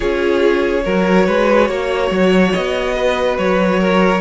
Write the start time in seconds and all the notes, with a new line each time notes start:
0.00 C#4 F4 G#4 C#5
0.84 F#3 F#4 A#4
1.26 G#3 B4
1.68 A#3 C#5
2.10 F#3
2.52 B3 D#5
2.96 B4
3.38 F#3 C#5
3.79 A#4